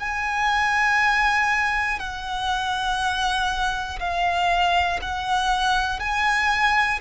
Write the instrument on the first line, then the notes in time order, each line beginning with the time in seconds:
violin
0.00 G#5
2.00 F#5
4.00 F5
5.02 F#5
6.00 G#5